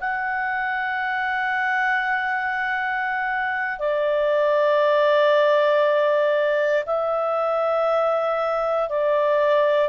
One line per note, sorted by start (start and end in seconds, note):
0.00 3.79 F#5
3.79 6.84 D5
6.86 8.89 E5
8.89 9.89 D5